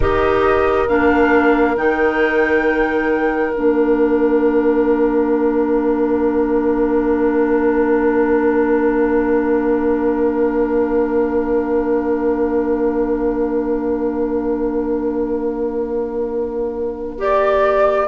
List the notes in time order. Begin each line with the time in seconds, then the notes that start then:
0.00 D#4 G4 A#4 D#5
0.88 A#3 D4 F5
1.76 D#3 D#4 G5
3.53 A#3 D4 F5
17.18 G4 D5